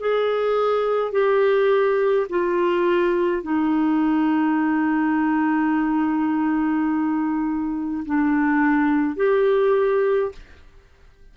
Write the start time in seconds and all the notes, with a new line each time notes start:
0.00 G#4
1.12 G4
2.29 F4
3.43 D#4
8.06 D4
9.16 G4